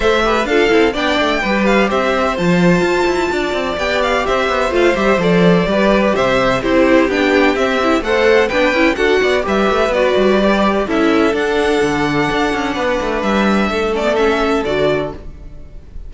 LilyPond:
<<
  \new Staff \with { instrumentName = "violin" } { \time 4/4 \tempo 4 = 127 e''4 f''4 g''4. f''8 | e''4 a''2. | g''8 f''8 e''4 f''8 e''8 d''4~ | d''4 e''4 c''4 g''4 |
e''4 fis''4 g''4 fis''4 | e''4 d''2 e''4 | fis''1 | e''4. d''8 e''4 d''4 | }
  \new Staff \with { instrumentName = "violin" } { \time 4/4 c''8 b'8 a'4 d''4 b'4 | c''2. d''4~ | d''4 c''2. | b'4 c''4 g'2~ |
g'4 c''4 b'4 a'8 d''8 | b'2. a'4~ | a'2. b'4~ | b'4 a'2. | }
  \new Staff \with { instrumentName = "viola" } { \time 4/4 a'8 g'8 f'8 e'8 d'4 g'4~ | g'4 f'2. | g'2 f'8 g'8 a'4 | g'2 e'4 d'4 |
c'8 e'8 a'4 d'8 e'8 fis'4 | g'4 fis'4 g'4 e'4 | d'1~ | d'4. cis'16 b16 cis'4 fis'4 | }
  \new Staff \with { instrumentName = "cello" } { \time 4/4 a4 d'8 c'8 b8 a8 g4 | c'4 f4 f'8 e'8 d'8 c'8 | b4 c'8 b8 a8 g8 f4 | g4 c4 c'4 b4 |
c'4 a4 b8 cis'8 d'8 b8 | g8 a8 b8 g4. cis'4 | d'4 d4 d'8 cis'8 b8 a8 | g4 a2 d4 | }
>>